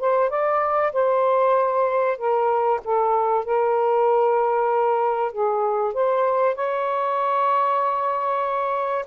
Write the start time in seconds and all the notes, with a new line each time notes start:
0.00 C5
0.30 D5
0.93 C5
2.18 A#4
2.85 A4
3.45 A#4
5.32 G#4
5.94 C5
6.56 C#5